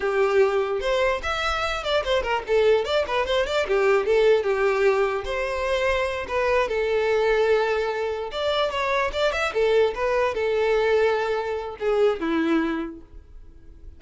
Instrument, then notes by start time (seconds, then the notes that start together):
violin
0.00 G4
0.80 C5
1.22 E5
1.83 D5
2.04 C5
2.22 A#4
2.47 A4
2.84 D5
3.07 B4
3.26 C5
3.46 D5
3.67 G4
4.05 A4
4.43 G4
5.24 C5
6.28 B4
6.68 A4
8.31 D5
8.71 C#5
9.12 D5
9.32 E5
9.53 A4
9.94 B4
10.34 A4
11.79 G#4
12.20 E4